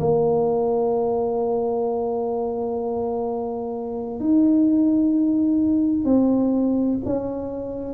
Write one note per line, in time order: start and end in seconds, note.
0.00 4.20 A#3
4.20 6.05 D#4
6.05 6.98 C4
7.06 7.94 C#4